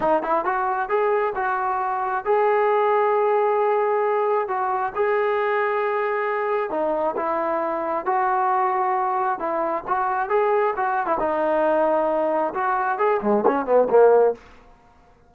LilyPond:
\new Staff \with { instrumentName = "trombone" } { \time 4/4 \tempo 4 = 134 dis'8 e'8 fis'4 gis'4 fis'4~ | fis'4 gis'2.~ | gis'2 fis'4 gis'4~ | gis'2. dis'4 |
e'2 fis'2~ | fis'4 e'4 fis'4 gis'4 | fis'8. e'16 dis'2. | fis'4 gis'8 gis8 cis'8 b8 ais4 | }